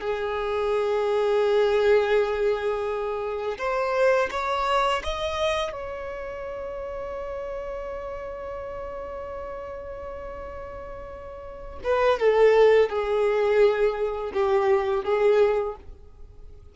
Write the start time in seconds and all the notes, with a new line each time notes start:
0.00 G#4
3.57 C5
4.31 C#5
5.03 D#5
5.72 C#5
11.83 B4
12.19 A4
12.89 G#4
14.33 G4
15.04 G#4